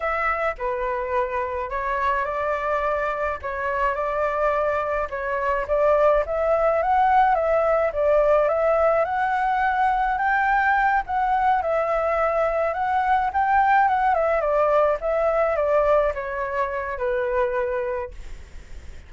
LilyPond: \new Staff \with { instrumentName = "flute" } { \time 4/4 \tempo 4 = 106 e''4 b'2 cis''4 | d''2 cis''4 d''4~ | d''4 cis''4 d''4 e''4 | fis''4 e''4 d''4 e''4 |
fis''2 g''4. fis''8~ | fis''8 e''2 fis''4 g''8~ | g''8 fis''8 e''8 d''4 e''4 d''8~ | d''8 cis''4. b'2 | }